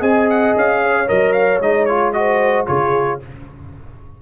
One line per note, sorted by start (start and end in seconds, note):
0.00 0.54 C4
0.00 1.06 G#4
0.00 0.80 D#5
0.00 0.29 G#5
0.30 0.56 F#5
0.56 1.09 C#4
0.56 1.08 F5
0.82 2.15 C#5
1.07 1.60 F#3
1.07 1.60 A#4
1.07 1.33 D#5
1.33 1.59 F5
1.60 2.66 G#3
1.60 1.88 D#4
1.60 1.85 D#5
1.85 2.14 F4
1.85 2.12 C#5
2.13 2.67 F#4
2.13 2.67 C5
2.13 2.66 D#5
2.67 3.22 C#3
2.67 3.20 F4
2.67 3.20 G#4
2.67 3.20 C#5